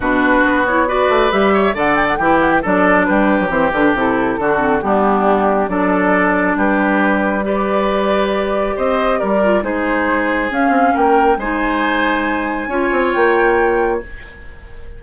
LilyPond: <<
  \new Staff \with { instrumentName = "flute" } { \time 4/4 \tempo 4 = 137 b'4. cis''8 d''4 e''4 | fis''8 g''16 fis''16 g''8 fis''16 g''16 d''4 b'4 | c''8 b'8 a'2 g'4~ | g'4 d''2 b'4~ |
b'4 d''2. | dis''4 d''4 c''2 | f''4 g''4 gis''2~ | gis''2 g''2 | }
  \new Staff \with { instrumentName = "oboe" } { \time 4/4 fis'2 b'4. cis''8 | d''4 g'4 a'4 g'4~ | g'2 fis'4 d'4~ | d'4 a'2 g'4~ |
g'4 b'2. | c''4 ais'4 gis'2~ | gis'4 ais'4 c''2~ | c''4 cis''2. | }
  \new Staff \with { instrumentName = "clarinet" } { \time 4/4 d'4. e'8 fis'4 g'4 | a'4 e'4 d'2 | c'8 d'8 e'4 d'8 c'8 b4~ | b4 d'2.~ |
d'4 g'2.~ | g'4. f'8 dis'2 | cis'2 dis'2~ | dis'4 f'2. | }
  \new Staff \with { instrumentName = "bassoon" } { \time 4/4 b,4 b4. a8 g4 | d4 e4 fis4 g8. fis16 | e8 d8 c4 d4 g4~ | g4 fis2 g4~ |
g1 | c'4 g4 gis2 | cis'8 c'8 ais4 gis2~ | gis4 cis'8 c'8 ais2 | }
>>